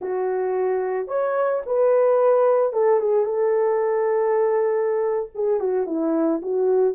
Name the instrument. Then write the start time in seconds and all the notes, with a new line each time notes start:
horn
0.01 F#4
1.07 C#5
1.65 B4
2.72 A4
3.00 G#4
3.25 A4
5.34 G#4
5.60 F#4
5.86 E4
6.42 F#4